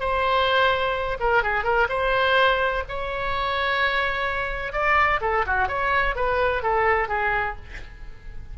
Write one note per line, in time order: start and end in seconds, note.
0.00 1.18 C5
1.20 1.43 A#4
1.43 1.64 G#4
1.64 1.88 A#4
1.89 2.84 C5
2.89 4.73 C#5
4.73 5.20 D5
5.22 5.45 A4
5.47 5.68 F#4
5.68 6.16 C#5
6.16 6.63 B4
6.63 7.09 A4
7.09 7.56 G#4